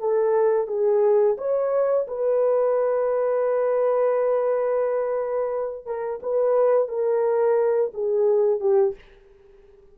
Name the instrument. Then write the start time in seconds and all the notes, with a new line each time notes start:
horn
0.00 A4
0.68 G#4
1.38 C#5
2.08 B4
5.86 A#4
6.23 B4
6.89 A#4
7.94 G#4
8.61 G4